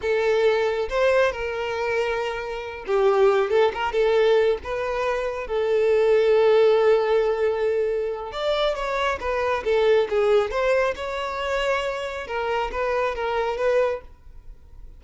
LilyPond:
\new Staff \with { instrumentName = "violin" } { \time 4/4 \tempo 4 = 137 a'2 c''4 ais'4~ | ais'2~ ais'8 g'4. | a'8 ais'8 a'4. b'4.~ | b'8 a'2.~ a'8~ |
a'2. d''4 | cis''4 b'4 a'4 gis'4 | c''4 cis''2. | ais'4 b'4 ais'4 b'4 | }